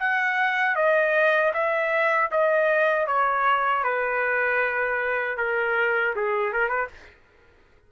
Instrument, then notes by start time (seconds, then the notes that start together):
trumpet
0.00 F#5
0.76 D#5
1.54 E5
2.31 D#5
3.07 C#5
3.84 B4
5.38 A#4
6.16 G#4
6.53 A#4
6.69 B4